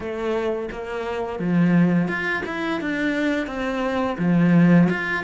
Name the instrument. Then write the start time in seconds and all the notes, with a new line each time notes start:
cello
0.00 A3
0.71 A#3
1.39 F3
2.08 F4
2.46 E4
2.80 D4
3.46 C4
4.18 F3
4.89 F4